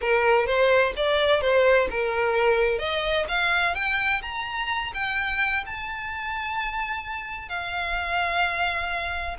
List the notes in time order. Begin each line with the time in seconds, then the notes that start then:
0.01 A#4
0.46 C5
0.96 D5
1.41 C5
1.90 A#4
2.78 D#5
3.28 F5
3.74 G5
4.22 A#5
4.93 G5
5.65 A5
7.49 F5